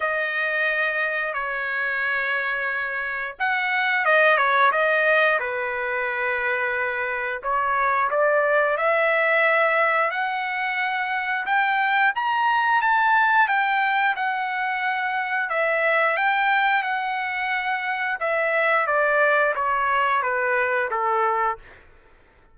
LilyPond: \new Staff \with { instrumentName = "trumpet" } { \time 4/4 \tempo 4 = 89 dis''2 cis''2~ | cis''4 fis''4 dis''8 cis''8 dis''4 | b'2. cis''4 | d''4 e''2 fis''4~ |
fis''4 g''4 ais''4 a''4 | g''4 fis''2 e''4 | g''4 fis''2 e''4 | d''4 cis''4 b'4 a'4 | }